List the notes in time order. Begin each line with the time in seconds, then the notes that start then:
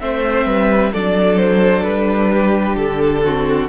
0.00 A3 C4 C5 E5
0.45 G3 B4
0.93 F#3 D4 A4 D5
1.37 C5
1.84 G3 B4
2.32 G4
2.76 D3 A4
3.24 C4 F#4